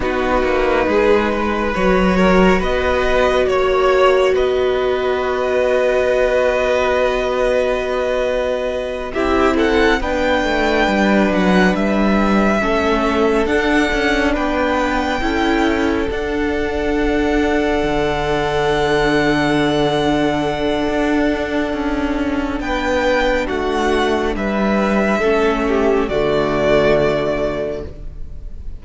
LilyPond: <<
  \new Staff \with { instrumentName = "violin" } { \time 4/4 \tempo 4 = 69 b'2 cis''4 dis''4 | cis''4 dis''2.~ | dis''2~ dis''8 e''8 fis''8 g''8~ | g''4 fis''8 e''2 fis''8~ |
fis''8 g''2 fis''4.~ | fis''1~ | fis''2 g''4 fis''4 | e''2 d''2 | }
  \new Staff \with { instrumentName = "violin" } { \time 4/4 fis'4 gis'8 b'4 ais'8 b'4 | cis''4 b'2.~ | b'2~ b'8 g'8 a'8 b'8~ | b'2~ b'8 a'4.~ |
a'8 b'4 a'2~ a'8~ | a'1~ | a'2 b'4 fis'4 | b'4 a'8 g'8 fis'2 | }
  \new Staff \with { instrumentName = "viola" } { \time 4/4 dis'2 fis'2~ | fis'1~ | fis'2~ fis'8 e'4 d'8~ | d'2~ d'8 cis'4 d'8~ |
d'4. e'4 d'4.~ | d'1~ | d'1~ | d'4 cis'4 a2 | }
  \new Staff \with { instrumentName = "cello" } { \time 4/4 b8 ais8 gis4 fis4 b4 | ais4 b2.~ | b2~ b8 c'4 b8 | a8 g8 fis8 g4 a4 d'8 |
cis'8 b4 cis'4 d'4.~ | d'8 d2.~ d8 | d'4 cis'4 b4 a4 | g4 a4 d2 | }
>>